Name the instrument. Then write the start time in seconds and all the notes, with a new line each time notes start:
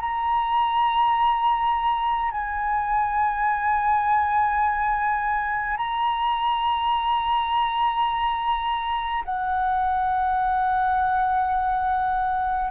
flute
0.00 A#5
2.31 G#5
5.77 A#5
9.24 F#5